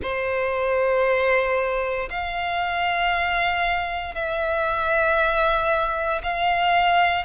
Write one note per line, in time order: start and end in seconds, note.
0.02 2.09 C5
2.09 4.14 F5
4.14 6.21 E5
6.23 7.25 F5